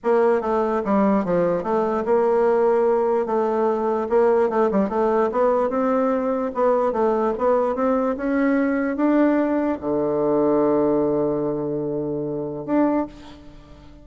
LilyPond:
\new Staff \with { instrumentName = "bassoon" } { \time 4/4 \tempo 4 = 147 ais4 a4 g4 f4 | a4 ais2. | a2 ais4 a8 g8 | a4 b4 c'2 |
b4 a4 b4 c'4 | cis'2 d'2 | d1~ | d2. d'4 | }